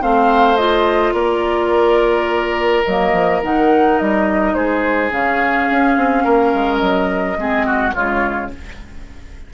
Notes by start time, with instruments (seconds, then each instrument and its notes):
0.00 bassoon A3, clarinet C4, oboe C5, flute F5
0.56 clarinet F4, flute D#5
1.13 bassoon A#3, oboe A#4, flute D5
2.84 bassoon F#3, clarinet A#3, flute D#5
3.12 bassoon F3
3.43 bassoon D#3, clarinet D#4, flute F#5
3.98 bassoon G3, flute D#5
4.54 bassoon G#3, oboe G#4, flute C5
5.10 bassoon C#3, clarinet C#4, flute F5
5.70 bassoon C#4
5.96 bassoon C4
6.24 bassoon A#3, oboe A#4
6.53 bassoon G#3
6.77 bassoon F#3, flute D#5
7.37 bassoon G#3, clarinet C4, oboe G#4
7.66 oboe F#4
7.93 bassoon C#3, clarinet G#3, oboe F4, flute C#5